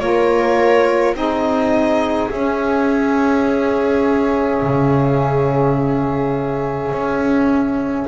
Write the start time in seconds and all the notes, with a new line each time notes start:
0.00 A#3 F4 A#4 C#5
1.15 C4 D#4 G#4 D#5
2.31 C#4 E5
4.62 C#3
6.92 C#4